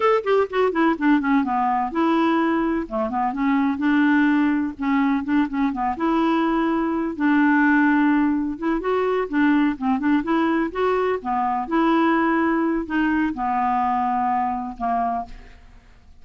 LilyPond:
\new Staff \with { instrumentName = "clarinet" } { \time 4/4 \tempo 4 = 126 a'8 g'8 fis'8 e'8 d'8 cis'8 b4 | e'2 a8 b8 cis'4 | d'2 cis'4 d'8 cis'8 | b8 e'2~ e'8 d'4~ |
d'2 e'8 fis'4 d'8~ | d'8 c'8 d'8 e'4 fis'4 b8~ | b8 e'2~ e'8 dis'4 | b2. ais4 | }